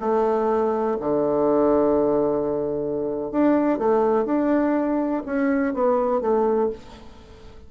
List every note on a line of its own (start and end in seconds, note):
0.00 0.98 A3
1.00 3.32 D3
3.32 3.79 D4
3.79 4.25 A3
4.25 5.23 D4
5.26 5.74 C#4
5.74 6.21 B3
6.21 6.70 A3